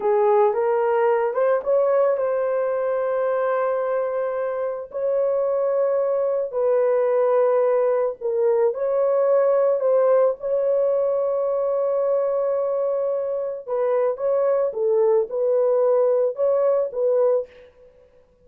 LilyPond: \new Staff \with { instrumentName = "horn" } { \time 4/4 \tempo 4 = 110 gis'4 ais'4. c''8 cis''4 | c''1~ | c''4 cis''2. | b'2. ais'4 |
cis''2 c''4 cis''4~ | cis''1~ | cis''4 b'4 cis''4 a'4 | b'2 cis''4 b'4 | }